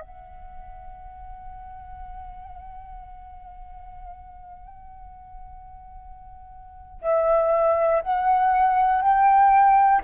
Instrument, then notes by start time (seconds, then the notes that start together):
flute
0.00 F#5
7.01 E5
8.02 F#5
9.02 G5